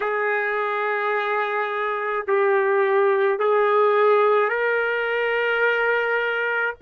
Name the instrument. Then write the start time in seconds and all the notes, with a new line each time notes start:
trumpet
0.00 G#4
2.26 G4
3.38 G#4
4.49 A#4